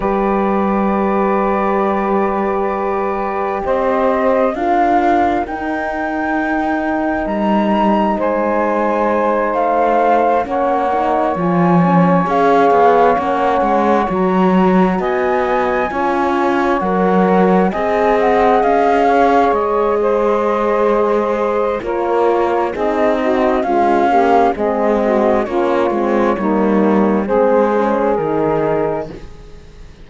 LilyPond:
<<
  \new Staff \with { instrumentName = "flute" } { \time 4/4 \tempo 4 = 66 d''1 | dis''4 f''4 g''2 | ais''4 gis''4. f''4 fis''8~ | fis''8 gis''4 f''4 fis''4 ais''8~ |
ais''8 gis''2 fis''4 gis''8 | fis''8 f''4 dis''2~ dis''8 | cis''4 dis''4 f''4 dis''4 | cis''2 c''4 ais'4 | }
  \new Staff \with { instrumentName = "saxophone" } { \time 4/4 b'1 | c''4 ais'2.~ | ais'4 c''2~ c''8 cis''8~ | cis''1~ |
cis''8 dis''4 cis''2 dis''8~ | dis''4 cis''4 c''2 | ais'4 gis'8 fis'8 f'8 g'8 gis'8 fis'8 | f'4 dis'4 gis'2 | }
  \new Staff \with { instrumentName = "horn" } { \time 4/4 g'1~ | g'4 f'4 dis'2~ | dis'2.~ dis'8 cis'8 | dis'8 f'8 cis'8 gis'4 cis'4 fis'8~ |
fis'4. f'4 ais'4 gis'8~ | gis'1 | f'4 dis'4 gis8 ais8 c'4 | cis'8 c'8 ais4 c'8 cis'8 dis'4 | }
  \new Staff \with { instrumentName = "cello" } { \time 4/4 g1 | c'4 d'4 dis'2 | g4 gis4. a4 ais8~ | ais8 f4 cis'8 b8 ais8 gis8 fis8~ |
fis8 b4 cis'4 fis4 c'8~ | c'8 cis'4 gis2~ gis8 | ais4 c'4 cis'4 gis4 | ais8 gis8 g4 gis4 dis4 | }
>>